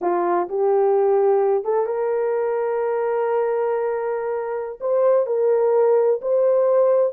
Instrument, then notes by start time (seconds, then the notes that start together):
horn
0.01 F4
0.48 G4
1.64 A4
1.85 A#4
4.80 C5
5.26 A#4
6.21 C5